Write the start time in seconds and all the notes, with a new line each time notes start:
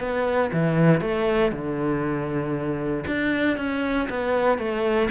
0.00 B3
0.53 E3
1.01 A3
1.52 D3
3.07 D4
3.58 C#4
4.10 B3
4.59 A3